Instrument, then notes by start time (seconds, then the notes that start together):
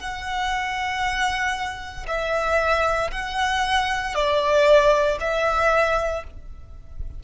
violin
0.00 F#5
2.07 E5
3.12 F#5
4.15 D5
5.21 E5